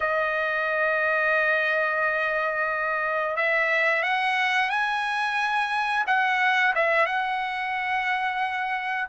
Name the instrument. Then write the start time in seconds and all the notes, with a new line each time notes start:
trumpet
0.00 D#5
3.36 E5
4.03 F#5
4.69 G#5
6.06 F#5
6.75 E5
7.05 F#5